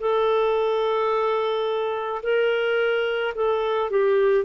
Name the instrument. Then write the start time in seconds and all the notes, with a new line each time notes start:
clarinet
0.00 A4
2.23 A#4
3.35 A4
3.90 G4